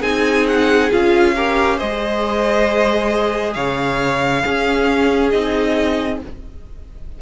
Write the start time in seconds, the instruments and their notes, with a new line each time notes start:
0.00 cello C4, viola D#4, violin G#4 G#5
0.47 violin F#5
0.90 cello C#4, viola F4, violin F5
1.36 viola G4, violin A#4
1.77 cello G#3, viola G#4, violin C5 D#5
3.53 cello C#3, violin C#5 F5
4.43 cello C#4, viola C#4, violin G#4
5.30 cello C4, viola D#4, violin D#5